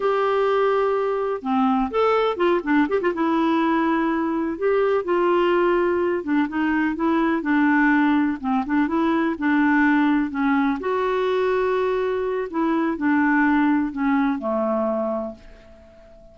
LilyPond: \new Staff \with { instrumentName = "clarinet" } { \time 4/4 \tempo 4 = 125 g'2. c'4 | a'4 f'8 d'8 g'16 f'16 e'4.~ | e'4. g'4 f'4.~ | f'4 d'8 dis'4 e'4 d'8~ |
d'4. c'8 d'8 e'4 d'8~ | d'4. cis'4 fis'4.~ | fis'2 e'4 d'4~ | d'4 cis'4 a2 | }